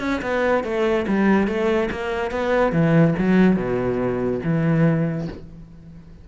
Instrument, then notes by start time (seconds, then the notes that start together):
cello
0.00 C#4
0.22 B3
0.64 A3
1.08 G3
1.47 A3
1.91 A#3
2.31 B3
2.72 E3
3.18 F#3
3.56 B2
4.44 E3